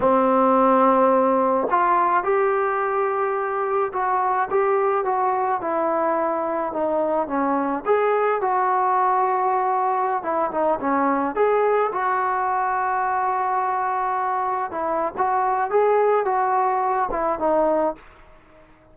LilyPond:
\new Staff \with { instrumentName = "trombone" } { \time 4/4 \tempo 4 = 107 c'2. f'4 | g'2. fis'4 | g'4 fis'4 e'2 | dis'4 cis'4 gis'4 fis'4~ |
fis'2~ fis'16 e'8 dis'8 cis'8.~ | cis'16 gis'4 fis'2~ fis'8.~ | fis'2~ fis'16 e'8. fis'4 | gis'4 fis'4. e'8 dis'4 | }